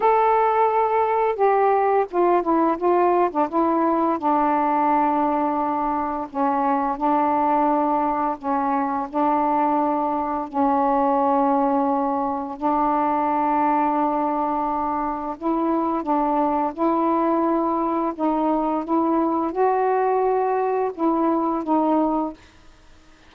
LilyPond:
\new Staff \with { instrumentName = "saxophone" } { \time 4/4 \tempo 4 = 86 a'2 g'4 f'8 e'8 | f'8. d'16 e'4 d'2~ | d'4 cis'4 d'2 | cis'4 d'2 cis'4~ |
cis'2 d'2~ | d'2 e'4 d'4 | e'2 dis'4 e'4 | fis'2 e'4 dis'4 | }